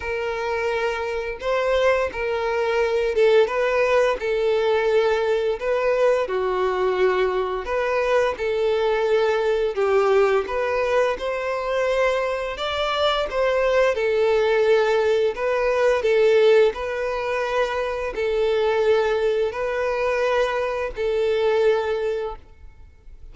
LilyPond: \new Staff \with { instrumentName = "violin" } { \time 4/4 \tempo 4 = 86 ais'2 c''4 ais'4~ | ais'8 a'8 b'4 a'2 | b'4 fis'2 b'4 | a'2 g'4 b'4 |
c''2 d''4 c''4 | a'2 b'4 a'4 | b'2 a'2 | b'2 a'2 | }